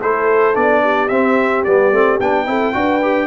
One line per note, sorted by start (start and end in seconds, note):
0.00 0.56 A3
0.00 0.54 E4
0.00 0.82 A4
0.00 0.56 C5
0.54 1.10 B3
0.54 1.09 D4
0.54 1.09 D5
0.84 2.47 G4
1.09 1.65 C4
1.09 1.66 C4
1.09 1.63 E5
1.64 1.92 G3
1.64 1.93 B3
1.64 2.19 D5
1.92 2.20 A3
1.92 2.20 C4
2.20 2.47 B3
2.20 2.46 D4
2.20 3.27 G5
2.46 2.74 C4
2.46 2.74 E4
2.46 2.76 A4
2.74 3.27 D4
2.74 3.01 F#4
2.74 3.27 B4
3.02 3.27 G4